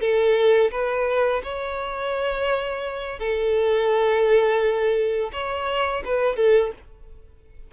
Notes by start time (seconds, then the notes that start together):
0.00 A4
0.71 B4
1.43 C#5
3.19 A4
5.32 C#5
6.04 B4
6.36 A4